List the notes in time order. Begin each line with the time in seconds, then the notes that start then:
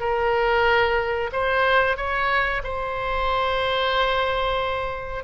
0.00 A#4
1.32 C5
1.97 C#5
2.64 C5